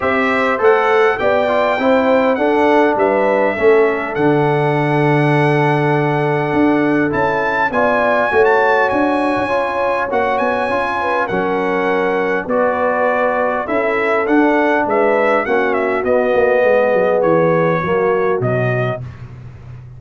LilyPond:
<<
  \new Staff \with { instrumentName = "trumpet" } { \time 4/4 \tempo 4 = 101 e''4 fis''4 g''2 | fis''4 e''2 fis''4~ | fis''1 | a''4 gis''4~ gis''16 a''8. gis''4~ |
gis''4 fis''8 gis''4. fis''4~ | fis''4 d''2 e''4 | fis''4 e''4 fis''8 e''8 dis''4~ | dis''4 cis''2 dis''4 | }
  \new Staff \with { instrumentName = "horn" } { \time 4/4 c''2 d''4 c''4 | a'4 b'4 a'2~ | a'1~ | a'4 d''4 cis''2~ |
cis''2~ cis''8 b'8 ais'4~ | ais'4 b'2 a'4~ | a'4 b'4 fis'2 | gis'2 fis'2 | }
  \new Staff \with { instrumentName = "trombone" } { \time 4/4 g'4 a'4 g'8 f'8 e'4 | d'2 cis'4 d'4~ | d'1 | e'4 f'4 fis'2 |
f'4 fis'4 f'4 cis'4~ | cis'4 fis'2 e'4 | d'2 cis'4 b4~ | b2 ais4 fis4 | }
  \new Staff \with { instrumentName = "tuba" } { \time 4/4 c'4 a4 b4 c'4 | d'4 g4 a4 d4~ | d2. d'4 | cis'4 b4 a4 d'8. cis'16~ |
cis'4 ais8 b8 cis'4 fis4~ | fis4 b2 cis'4 | d'4 gis4 ais4 b8 ais8 | gis8 fis8 e4 fis4 b,4 | }
>>